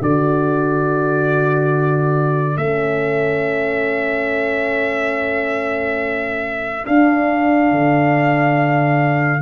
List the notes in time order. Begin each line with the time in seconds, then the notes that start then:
0.00 D3 F#4 A4 D5
2.57 A3 C#4 E5
6.84 D4 F5
7.71 D3